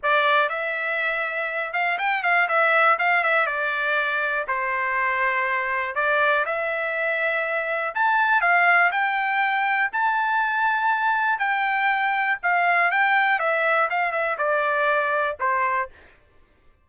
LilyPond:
\new Staff \with { instrumentName = "trumpet" } { \time 4/4 \tempo 4 = 121 d''4 e''2~ e''8 f''8 | g''8 f''8 e''4 f''8 e''8 d''4~ | d''4 c''2. | d''4 e''2. |
a''4 f''4 g''2 | a''2. g''4~ | g''4 f''4 g''4 e''4 | f''8 e''8 d''2 c''4 | }